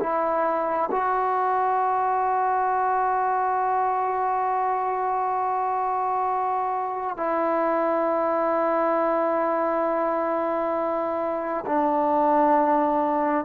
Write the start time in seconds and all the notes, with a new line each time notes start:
0.00 E4
0.91 F#4
7.17 E4
11.66 D4